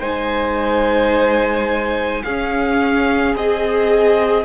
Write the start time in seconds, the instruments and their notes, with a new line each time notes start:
0.00 cello G#3, viola D#4, violin C5 G#5
2.23 cello C#4, viola C#4, violin G#4 F5
3.35 cello C4, viola G#4, violin D#5